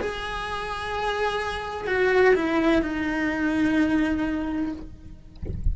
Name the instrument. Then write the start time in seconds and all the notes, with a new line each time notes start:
cello
0.00 G#4
1.87 F#4
2.35 E4
2.82 D#4